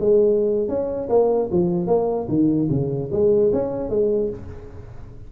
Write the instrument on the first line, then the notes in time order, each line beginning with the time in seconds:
tuba
0.00 G#3
0.68 C#4
1.09 A#3
1.52 F3
1.87 A#3
2.28 D#3
2.70 C#3
3.12 G#3
3.53 C#4
3.89 G#3